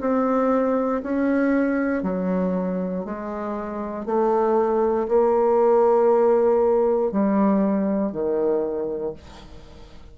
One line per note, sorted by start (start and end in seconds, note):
0.00 1.02 C4
1.03 2.02 C#4
2.02 3.04 F#3
3.04 4.05 G#3
4.05 5.07 A3
5.08 7.11 A#3
7.11 8.12 G3
8.12 9.13 D#3